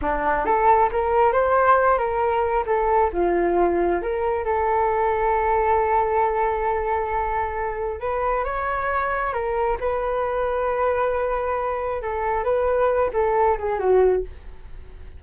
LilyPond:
\new Staff \with { instrumentName = "flute" } { \time 4/4 \tempo 4 = 135 d'4 a'4 ais'4 c''4~ | c''8 ais'4. a'4 f'4~ | f'4 ais'4 a'2~ | a'1~ |
a'2 b'4 cis''4~ | cis''4 ais'4 b'2~ | b'2. a'4 | b'4. a'4 gis'8 fis'4 | }